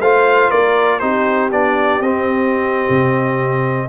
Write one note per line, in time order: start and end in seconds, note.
0.00 0.50 A3
0.00 1.00 F4
0.00 0.50 C5
0.00 0.51 F5
0.50 1.01 A#3
0.50 1.00 A#4
0.50 0.99 D5
0.99 1.51 C4
0.99 1.50 D#4
0.99 3.88 G4
0.99 1.49 C5
1.51 2.00 B3
1.51 2.02 D4
1.51 2.02 D5
2.00 2.87 C4
2.00 3.89 C4
2.00 3.89 D#5
2.89 3.89 C3